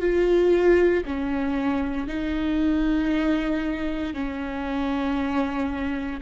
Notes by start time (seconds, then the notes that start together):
0.00 F4
1.05 C#4
2.07 D#4
4.14 C#4